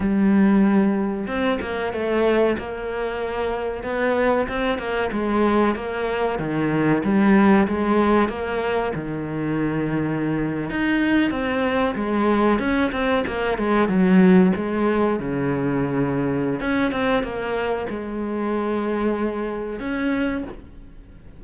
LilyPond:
\new Staff \with { instrumentName = "cello" } { \time 4/4 \tempo 4 = 94 g2 c'8 ais8 a4 | ais2 b4 c'8 ais8 | gis4 ais4 dis4 g4 | gis4 ais4 dis2~ |
dis8. dis'4 c'4 gis4 cis'16~ | cis'16 c'8 ais8 gis8 fis4 gis4 cis16~ | cis2 cis'8 c'8 ais4 | gis2. cis'4 | }